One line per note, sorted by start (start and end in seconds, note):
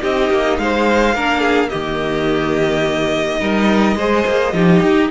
0.00 0.30 C4
0.00 1.13 D#4
0.00 0.58 G4
0.00 0.58 D#5
0.30 0.58 A#3
0.58 1.15 G#3
0.58 1.15 C5
0.58 1.69 F5
1.15 1.71 A#3
1.15 1.70 D4
1.15 1.40 A#4
1.40 1.68 G#4
1.69 3.41 D#3
1.69 3.40 A#3
1.69 3.39 G4
1.69 5.09 D#5
3.40 3.96 G3
3.40 3.96 D#4
3.40 3.97 A#4
3.96 4.24 G#3
3.96 4.54 G#4
3.96 4.54 C5
4.27 4.53 A#3
4.53 4.81 F3
4.53 5.10 D#4
4.53 5.11 G4
4.82 5.10 D#4